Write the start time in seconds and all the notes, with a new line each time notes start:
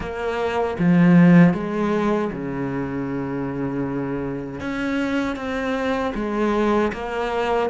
0.00 A#3
0.79 F3
1.53 G#3
2.32 C#3
4.60 C#4
5.36 C4
6.15 G#3
6.92 A#3